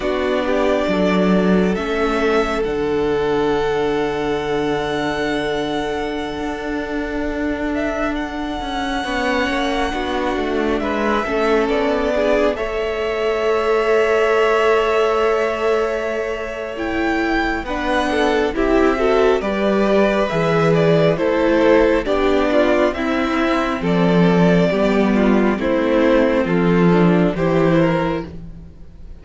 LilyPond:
<<
  \new Staff \with { instrumentName = "violin" } { \time 4/4 \tempo 4 = 68 d''2 e''4 fis''4~ | fis''1~ | fis''8. e''8 fis''2~ fis''8.~ | fis''16 e''4 d''4 e''4.~ e''16~ |
e''2. g''4 | fis''4 e''4 d''4 e''8 d''8 | c''4 d''4 e''4 d''4~ | d''4 c''4 a'4 c''4 | }
  \new Staff \with { instrumentName = "violin" } { \time 4/4 fis'8 g'8 a'2.~ | a'1~ | a'2~ a'16 cis''4 fis'8.~ | fis'16 b'8 a'4 gis'8 cis''4.~ cis''16~ |
cis''1 | b'8 a'8 g'8 a'8 b'2 | a'4 g'8 f'8 e'4 a'4 | g'8 f'8 e'4 f'4 g'8 ais'8 | }
  \new Staff \with { instrumentName = "viola" } { \time 4/4 d'2 cis'4 d'4~ | d'1~ | d'2~ d'16 cis'4 d'8.~ | d'8. cis'4 d'8 a'4.~ a'16~ |
a'2. e'4 | d'4 e'8 fis'8 g'4 gis'4 | e'4 d'4 c'2 | b4 c'4. d'8 e'4 | }
  \new Staff \with { instrumentName = "cello" } { \time 4/4 b4 fis4 a4 d4~ | d2.~ d16 d'8.~ | d'4.~ d'16 cis'8 b8 ais8 b8 a16~ | a16 gis8 a8 b4 a4.~ a16~ |
a1 | b4 c'4 g4 e4 | a4 b4 c'4 f4 | g4 a4 f4 e4 | }
>>